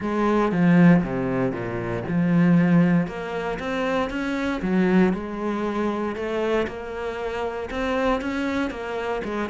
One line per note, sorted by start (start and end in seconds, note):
0.00 0.52 G#3
0.52 1.03 F3
1.03 1.52 C3
1.52 2.03 A#2
2.07 3.07 F3
3.07 3.58 A#3
3.59 4.09 C4
4.09 4.61 C#4
4.62 5.13 F#3
5.13 6.15 G#3
6.15 6.66 A3
6.67 7.69 A#3
7.70 8.21 C4
8.21 8.70 C#4
8.70 9.21 A#3
9.24 9.49 G#3